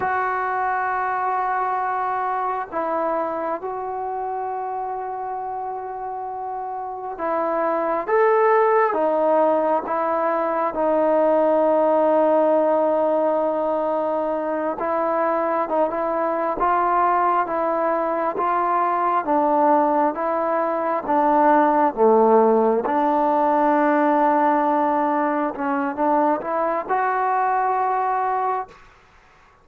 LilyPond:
\new Staff \with { instrumentName = "trombone" } { \time 4/4 \tempo 4 = 67 fis'2. e'4 | fis'1 | e'4 a'4 dis'4 e'4 | dis'1~ |
dis'8 e'4 dis'16 e'8. f'4 e'8~ | e'8 f'4 d'4 e'4 d'8~ | d'8 a4 d'2~ d'8~ | d'8 cis'8 d'8 e'8 fis'2 | }